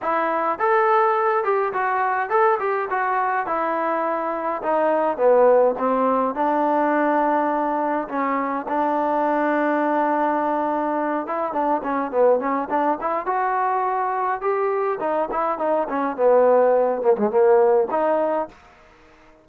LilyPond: \new Staff \with { instrumentName = "trombone" } { \time 4/4 \tempo 4 = 104 e'4 a'4. g'8 fis'4 | a'8 g'8 fis'4 e'2 | dis'4 b4 c'4 d'4~ | d'2 cis'4 d'4~ |
d'2.~ d'8 e'8 | d'8 cis'8 b8 cis'8 d'8 e'8 fis'4~ | fis'4 g'4 dis'8 e'8 dis'8 cis'8 | b4. ais16 gis16 ais4 dis'4 | }